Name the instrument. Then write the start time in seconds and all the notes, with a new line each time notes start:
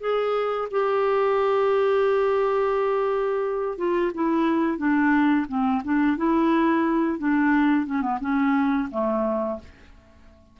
clarinet
0.00 G#4
0.71 G4
3.77 F4
4.14 E4
4.78 D4
5.48 C4
5.84 D4
6.17 E4
7.18 D4
7.86 C#4
8.01 B3
8.21 C#4
8.91 A3